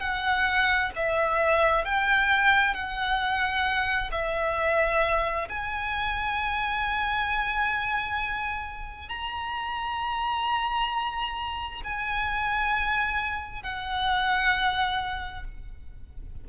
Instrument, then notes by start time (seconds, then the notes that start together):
violin
0.00 F#5
0.96 E5
1.85 G5
2.75 F#5
4.12 E5
5.50 G#5
9.09 A#5
11.84 G#5
13.63 F#5